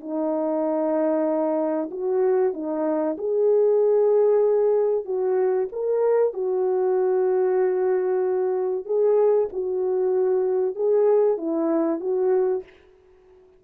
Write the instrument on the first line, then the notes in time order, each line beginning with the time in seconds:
horn
0.00 D#4
1.91 F#4
2.53 D#4
3.18 G#4
5.05 F#4
5.72 A#4
6.33 F#4
8.85 G#4
9.53 F#4
10.75 G#4
11.37 E4
12.00 F#4